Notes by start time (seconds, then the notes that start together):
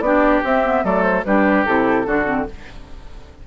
0.00 B3 D4 G4 D5
0.43 C4 E5
0.65 B3
0.83 F#3 A3 A4 D5
1.02 C5
1.25 G3 D4 G4 B4
1.65 C3 E4 A4
2.05 D3 D4 F#4
2.25 C4